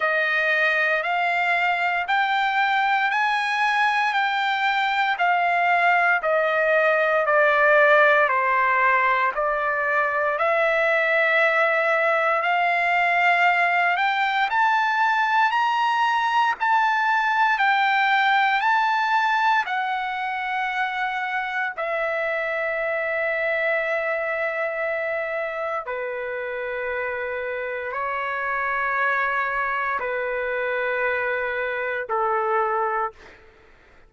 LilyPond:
\new Staff \with { instrumentName = "trumpet" } { \time 4/4 \tempo 4 = 58 dis''4 f''4 g''4 gis''4 | g''4 f''4 dis''4 d''4 | c''4 d''4 e''2 | f''4. g''8 a''4 ais''4 |
a''4 g''4 a''4 fis''4~ | fis''4 e''2.~ | e''4 b'2 cis''4~ | cis''4 b'2 a'4 | }